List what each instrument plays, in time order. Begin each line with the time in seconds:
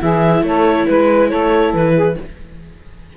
0.00 cello E3, viola E4, saxophone G#4, clarinet E5
0.43 cello A3, saxophone A4, clarinet C#5
0.87 cello G#3, clarinet B4, saxophone B4
1.29 cello A3, saxophone A4, clarinet C#5
1.74 cello E3, clarinet B4
1.95 saxophone G#4